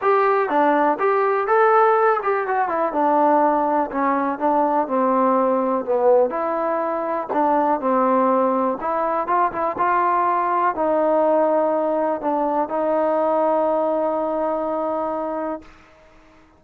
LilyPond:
\new Staff \with { instrumentName = "trombone" } { \time 4/4 \tempo 4 = 123 g'4 d'4 g'4 a'4~ | a'8 g'8 fis'8 e'8 d'2 | cis'4 d'4 c'2 | b4 e'2 d'4 |
c'2 e'4 f'8 e'8 | f'2 dis'2~ | dis'4 d'4 dis'2~ | dis'1 | }